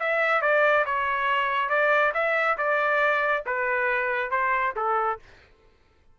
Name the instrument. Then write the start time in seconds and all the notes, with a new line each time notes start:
trumpet
0.00 E5
0.42 D5
0.86 C#5
1.70 D5
2.14 E5
2.58 D5
3.46 B4
4.31 C5
4.76 A4